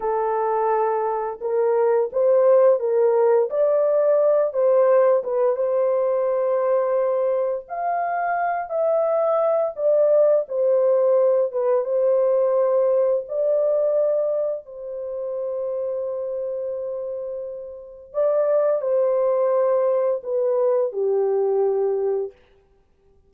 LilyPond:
\new Staff \with { instrumentName = "horn" } { \time 4/4 \tempo 4 = 86 a'2 ais'4 c''4 | ais'4 d''4. c''4 b'8 | c''2. f''4~ | f''8 e''4. d''4 c''4~ |
c''8 b'8 c''2 d''4~ | d''4 c''2.~ | c''2 d''4 c''4~ | c''4 b'4 g'2 | }